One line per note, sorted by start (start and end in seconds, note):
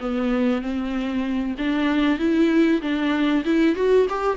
0.00 0.61 B3
0.61 1.55 C4
1.58 2.19 D4
2.19 2.81 E4
2.82 3.44 D4
3.45 3.75 E4
3.75 4.07 F#4
4.09 4.37 G4